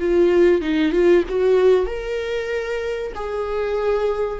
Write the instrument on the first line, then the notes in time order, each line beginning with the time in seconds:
viola
0.00 F4
0.61 D#4
0.92 F4
1.29 F#4
1.87 A#4
3.15 G#4